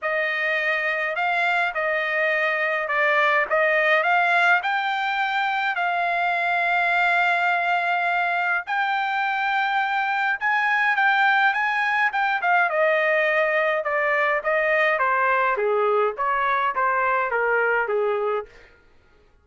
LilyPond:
\new Staff \with { instrumentName = "trumpet" } { \time 4/4 \tempo 4 = 104 dis''2 f''4 dis''4~ | dis''4 d''4 dis''4 f''4 | g''2 f''2~ | f''2. g''4~ |
g''2 gis''4 g''4 | gis''4 g''8 f''8 dis''2 | d''4 dis''4 c''4 gis'4 | cis''4 c''4 ais'4 gis'4 | }